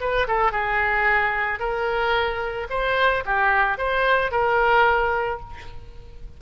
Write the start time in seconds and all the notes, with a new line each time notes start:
0.00 B4
0.27 A4
0.52 G#4
1.59 A#4
2.70 C5
3.25 G4
3.78 C5
4.31 A#4